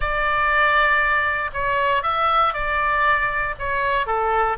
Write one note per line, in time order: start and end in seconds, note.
0.00 1.50 D5
1.53 2.02 C#5
2.02 2.53 E5
2.53 3.55 D5
3.58 4.06 C#5
4.06 4.57 A4